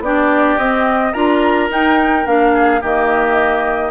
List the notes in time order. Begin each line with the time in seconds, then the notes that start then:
0.00 B3 D4 G4 D5
0.57 C4 D#5
1.12 D4 F4 A#4 A#5
1.69 D#4 G5
2.26 A#3 D4 F5
2.53 G#4
2.80 D#3 A#3 G4 D#5